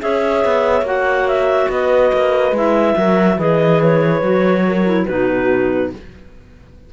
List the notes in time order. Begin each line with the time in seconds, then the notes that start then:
0.00 C#4 G#4 C#5 E5
0.45 B3
0.82 A#3 F#4 F#5
1.28 E5
1.70 B3 B4 D#5
2.13 A#3
2.52 G#3 E4 E5
2.98 F#3 F#4 A#4
3.37 E3 G#4 B4 D#5
3.84 C#5
4.22 F#3 F#4
4.68 A#4
4.86 E4
5.06 B2 D#4 F#4 B4